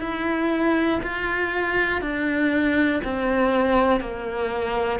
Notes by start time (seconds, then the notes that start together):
0.00 E4
1.03 F4
2.01 D4
3.04 C4
4.01 A#3